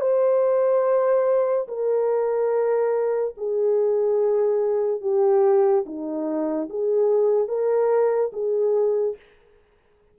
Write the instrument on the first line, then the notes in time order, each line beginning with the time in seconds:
horn
0.00 C5
1.68 A#4
3.37 G#4
5.01 G4
5.85 D#4
6.69 G#4
7.48 A#4
8.33 G#4